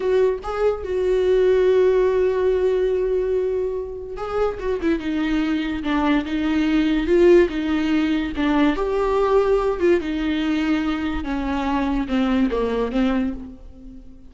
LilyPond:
\new Staff \with { instrumentName = "viola" } { \time 4/4 \tempo 4 = 144 fis'4 gis'4 fis'2~ | fis'1~ | fis'2 gis'4 fis'8 e'8 | dis'2 d'4 dis'4~ |
dis'4 f'4 dis'2 | d'4 g'2~ g'8 f'8 | dis'2. cis'4~ | cis'4 c'4 ais4 c'4 | }